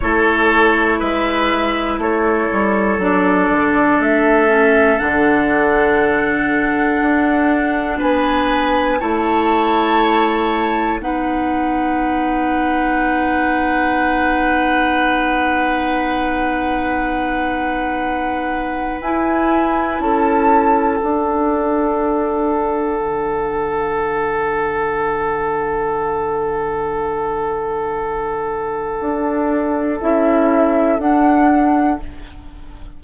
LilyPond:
<<
  \new Staff \with { instrumentName = "flute" } { \time 4/4 \tempo 4 = 60 cis''4 e''4 cis''4 d''4 | e''4 fis''2. | gis''4 a''2 fis''4~ | fis''1~ |
fis''2. gis''4 | a''4 fis''2.~ | fis''1~ | fis''2 e''4 fis''4 | }
  \new Staff \with { instrumentName = "oboe" } { \time 4/4 a'4 b'4 a'2~ | a'1 | b'4 cis''2 b'4~ | b'1~ |
b'1 | a'1~ | a'1~ | a'1 | }
  \new Staff \with { instrumentName = "clarinet" } { \time 4/4 e'2. d'4~ | d'8 cis'8 d'2.~ | d'4 e'2 dis'4~ | dis'1~ |
dis'2. e'4~ | e'4 d'2.~ | d'1~ | d'2 e'4 d'4 | }
  \new Staff \with { instrumentName = "bassoon" } { \time 4/4 a4 gis4 a8 g8 fis8 d8 | a4 d2 d'4 | b4 a2 b4~ | b1~ |
b2. e'4 | cis'4 d'2 d4~ | d1~ | d4 d'4 cis'4 d'4 | }
>>